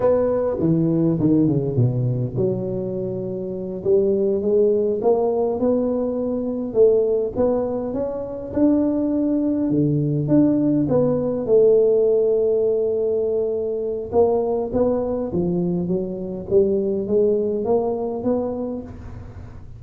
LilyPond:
\new Staff \with { instrumentName = "tuba" } { \time 4/4 \tempo 4 = 102 b4 e4 dis8 cis8 b,4 | fis2~ fis8 g4 gis8~ | gis8 ais4 b2 a8~ | a8 b4 cis'4 d'4.~ |
d'8 d4 d'4 b4 a8~ | a1 | ais4 b4 f4 fis4 | g4 gis4 ais4 b4 | }